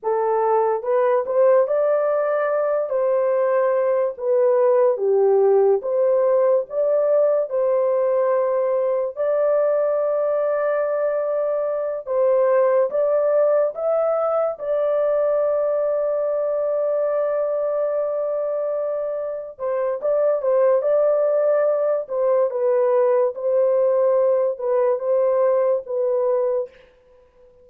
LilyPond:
\new Staff \with { instrumentName = "horn" } { \time 4/4 \tempo 4 = 72 a'4 b'8 c''8 d''4. c''8~ | c''4 b'4 g'4 c''4 | d''4 c''2 d''4~ | d''2~ d''8 c''4 d''8~ |
d''8 e''4 d''2~ d''8~ | d''2.~ d''8 c''8 | d''8 c''8 d''4. c''8 b'4 | c''4. b'8 c''4 b'4 | }